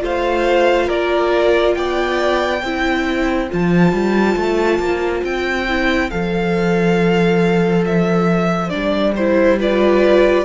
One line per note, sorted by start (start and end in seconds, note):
0.00 0.89 A3
0.00 2.61 F4
0.00 0.87 C5
0.00 0.89 F5
0.87 1.76 A#3
0.87 1.74 A#4
0.87 1.75 D5
1.75 2.63 B3
1.75 2.62 D5
1.75 3.49 G5
2.62 3.50 C4
2.62 3.50 E4
2.62 9.58 C5
3.50 3.93 F3
3.50 5.68 F4
3.50 5.25 A5
3.93 4.36 G3
4.37 4.79 A3
4.79 5.23 A#3
5.24 6.11 C4
5.24 6.11 G5
5.68 6.11 E4
6.11 8.74 F3
6.11 8.70 A4
6.11 7.85 F5
7.86 8.70 E5
8.70 10.45 G3
8.70 9.14 D4
8.70 9.13 D5
9.16 9.60 E4
9.16 9.60 C5
9.59 10.45 F4
9.59 10.45 B4
9.59 10.45 D5